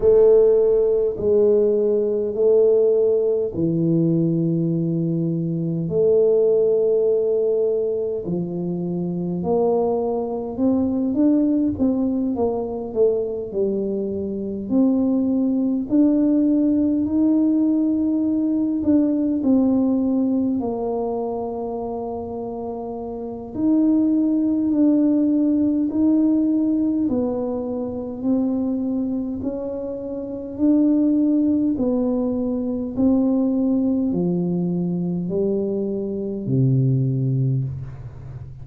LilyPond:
\new Staff \with { instrumentName = "tuba" } { \time 4/4 \tempo 4 = 51 a4 gis4 a4 e4~ | e4 a2 f4 | ais4 c'8 d'8 c'8 ais8 a8 g8~ | g8 c'4 d'4 dis'4. |
d'8 c'4 ais2~ ais8 | dis'4 d'4 dis'4 b4 | c'4 cis'4 d'4 b4 | c'4 f4 g4 c4 | }